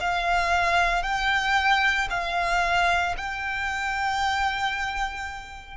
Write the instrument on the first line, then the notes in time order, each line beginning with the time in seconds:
violin
0.00 F5
1.02 G5
2.10 F5
3.17 G5